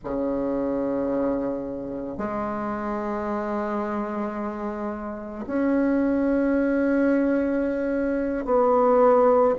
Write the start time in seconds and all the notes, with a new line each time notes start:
0.04 C#3
2.17 G#3
5.46 C#4
8.45 B3